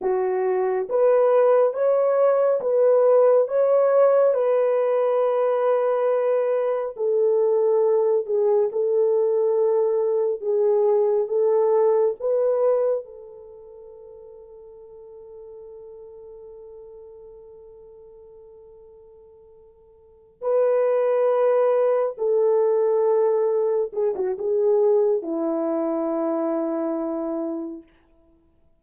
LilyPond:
\new Staff \with { instrumentName = "horn" } { \time 4/4 \tempo 4 = 69 fis'4 b'4 cis''4 b'4 | cis''4 b'2. | a'4. gis'8 a'2 | gis'4 a'4 b'4 a'4~ |
a'1~ | a'2.~ a'8 b'8~ | b'4. a'2 gis'16 fis'16 | gis'4 e'2. | }